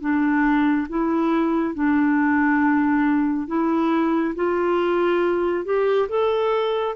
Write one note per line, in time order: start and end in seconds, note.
0.00 0.87 D4
0.89 1.74 E4
1.74 3.47 D4
3.47 4.34 E4
4.35 5.64 F4
5.64 6.08 G4
6.09 6.95 A4